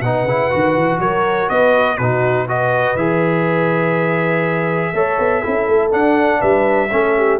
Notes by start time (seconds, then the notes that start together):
0.00 B2 D#4 B4 F#5
0.23 C#3 E4
0.50 D#3 F#4
0.76 E3
0.98 F#3 A#4 C#5
1.49 B3 B4 D#5
1.97 B2 D#4 F#4 B4
2.47 F#4 B4 D#5
2.95 E3 G#4 E5
4.93 A3 A4 C#5
5.18 B3
5.41 C#4 E4 A4
5.67 A3
5.90 D4 F#5
6.39 G3 B4 E5
6.90 A3 C#4 A4
7.17 G4